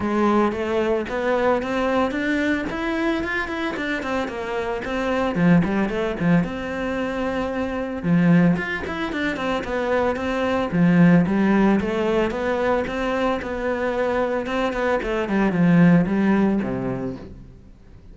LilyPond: \new Staff \with { instrumentName = "cello" } { \time 4/4 \tempo 4 = 112 gis4 a4 b4 c'4 | d'4 e'4 f'8 e'8 d'8 c'8 | ais4 c'4 f8 g8 a8 f8 | c'2. f4 |
f'8 e'8 d'8 c'8 b4 c'4 | f4 g4 a4 b4 | c'4 b2 c'8 b8 | a8 g8 f4 g4 c4 | }